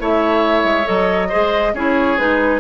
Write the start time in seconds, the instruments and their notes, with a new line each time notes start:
0.00 bassoon A3, clarinet E4, oboe C#5, flute E5
0.64 bassoon G#3
0.84 bassoon F#3, clarinet A4, flute D#5
1.29 clarinet G#4, oboe C5
1.35 bassoon G#3
1.74 bassoon C#4, clarinet E4, oboe G#4, flute C#5
2.18 bassoon G#3, clarinet D#4, flute B4